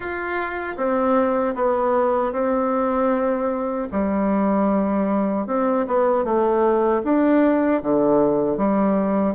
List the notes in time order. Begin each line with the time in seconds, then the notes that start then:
0.00 F4
0.76 C4
1.55 B3
2.32 C4
3.91 G3
5.47 C4
5.87 B3
6.24 A3
7.03 D4
7.82 D3
8.57 G3